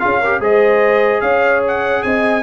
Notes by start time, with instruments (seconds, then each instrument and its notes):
0.00 tuba C#4, trombone F4, horn G#4, trumpet F5
0.20 trombone G4, horn A#4
0.40 tuba G#3, trombone G#4, horn C5, trumpet D#5
1.21 tuba C#4, horn C#5, trumpet F5
1.68 trumpet F#5
2.03 tuba C4, horn D#5, trumpet G#5